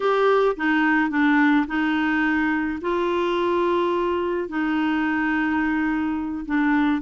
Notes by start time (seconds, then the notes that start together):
0.00 G4
0.56 D#4
1.10 D4
1.67 D#4
2.81 F4
4.49 D#4
6.45 D4